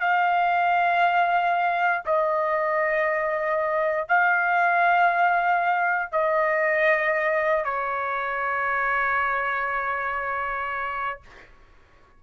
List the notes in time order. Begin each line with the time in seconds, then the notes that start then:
0.00 F5
2.05 D#5
4.08 F5
6.12 D#5
7.65 C#5